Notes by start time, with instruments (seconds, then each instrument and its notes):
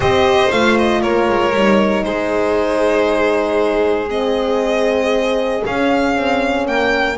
0.00 double bass C4, horn G4, violin C5 D#5
0.51 double bass A3, horn F4, violin F5
0.77 violin D#5
1.02 double bass A#3, violin A#4 C#5
1.28 double bass G#3
1.53 double bass G3, horn D#4
2.04 double bass G#3, violin G#4 C5
4.08 horn C4, violin D#5
5.64 horn C#4, double bass C#4, violin F5
6.16 double bass C4
6.67 double bass A#3, violin A#4 G5